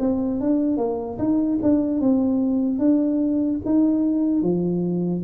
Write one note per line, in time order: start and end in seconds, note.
0.00 0.41 C4
0.41 0.77 D4
0.77 1.18 A#3
1.18 1.59 D#4
1.63 2.00 D4
2.00 2.79 C4
2.79 3.60 D4
3.65 4.42 D#4
4.42 5.23 F3